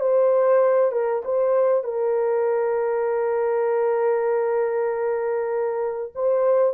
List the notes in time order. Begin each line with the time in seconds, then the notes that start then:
0.00 C5
0.92 A#4
1.24 C5
1.84 A#4
6.15 C5